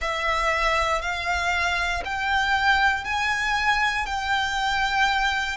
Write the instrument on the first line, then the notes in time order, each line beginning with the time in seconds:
violin
0.01 E5
1.01 F5
2.04 G5
3.04 G#5
4.06 G5